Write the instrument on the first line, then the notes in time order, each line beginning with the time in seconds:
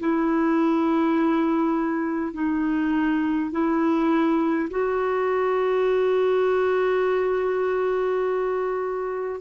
clarinet
0.00 E4
2.34 D#4
3.52 E4
4.71 F#4